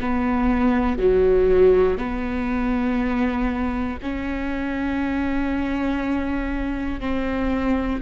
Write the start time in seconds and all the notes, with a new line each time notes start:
0.00 B3
0.98 F#3
1.97 B3
4.02 C#4
7.00 C4